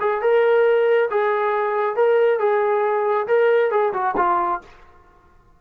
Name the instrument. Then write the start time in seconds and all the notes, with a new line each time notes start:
trombone
0.00 G#4
0.21 A#4
1.10 G#4
1.96 A#4
2.39 G#4
3.27 A#4
3.70 G#4
3.93 F#4
4.17 F4